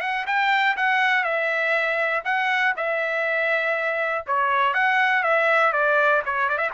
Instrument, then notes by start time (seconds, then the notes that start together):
trumpet
0.00 F#5
0.26 G5
0.76 F#5
1.24 E5
2.24 F#5
2.76 E5
4.26 C#5
4.74 F#5
5.23 E5
5.72 D5
6.25 C#5
6.48 D5
6.57 E5